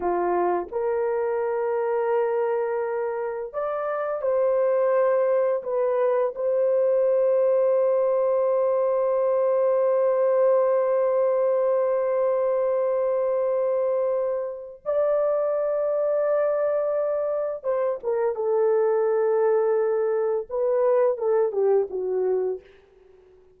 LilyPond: \new Staff \with { instrumentName = "horn" } { \time 4/4 \tempo 4 = 85 f'4 ais'2.~ | ais'4 d''4 c''2 | b'4 c''2.~ | c''1~ |
c''1~ | c''4 d''2.~ | d''4 c''8 ais'8 a'2~ | a'4 b'4 a'8 g'8 fis'4 | }